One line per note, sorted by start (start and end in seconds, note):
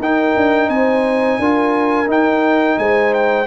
0.00 0.35 D#4
0.00 1.42 D#4
0.00 0.70 A#4
0.00 0.70 G5
0.37 0.69 D4
0.69 1.39 C4
0.69 1.40 C5
0.69 2.09 G#5
1.39 2.07 D4
1.39 2.07 F4
1.39 2.79 A#4
2.07 3.46 D#4
2.07 2.77 D#4
2.07 2.79 G5
2.78 3.47 G#3
2.78 3.47 C5
2.78 3.14 G#5
3.14 3.47 G5